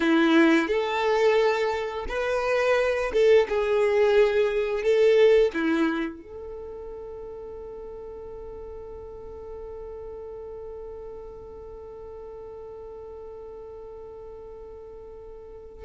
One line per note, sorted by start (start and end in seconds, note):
0.00 0.67 E4
0.67 2.05 A4
2.08 3.12 B4
3.13 3.47 A4
3.48 4.82 G#4
4.82 5.51 A4
5.53 6.22 E4
6.22 15.85 A4